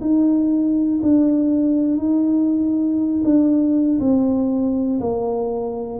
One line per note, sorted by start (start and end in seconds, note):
0.00 1.00 D#4
1.02 1.97 D4
1.97 3.22 D#4
3.24 3.99 D4
3.99 4.99 C4
5.00 5.99 A#3